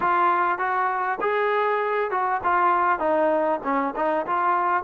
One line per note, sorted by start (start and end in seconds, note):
0.00 0.58 F4
0.58 1.18 F#4
1.20 2.10 G#4
2.10 2.40 F#4
2.43 2.99 F4
2.99 3.60 D#4
3.63 3.93 C#4
3.96 4.26 D#4
4.26 4.83 F4